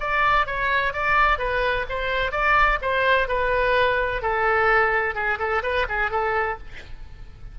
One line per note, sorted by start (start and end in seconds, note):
0.00 0.47 D5
0.47 0.93 C#5
0.93 1.38 D5
1.38 1.86 B4
1.89 2.31 C5
2.31 2.79 D5
2.82 3.28 C5
3.28 4.22 B4
4.22 5.15 A4
5.15 5.38 G#4
5.39 5.62 A4
5.63 5.86 B4
5.89 6.11 G#4
6.11 6.58 A4